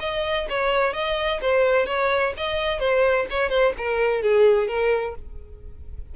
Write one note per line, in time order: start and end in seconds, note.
0.00 0.47 D#5
0.49 0.93 C#5
0.93 1.40 D#5
1.41 1.86 C5
1.86 2.33 C#5
2.37 2.80 D#5
2.80 3.26 C5
3.30 3.49 C#5
3.49 3.73 C5
3.78 4.22 A#4
4.22 4.68 G#4
4.68 5.15 A#4